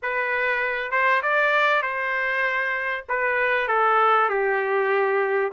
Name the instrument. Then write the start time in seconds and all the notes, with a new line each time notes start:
trumpet
0.02 B4
0.91 C5
1.22 D5
1.82 C5
3.09 B4
3.68 A4
4.29 G4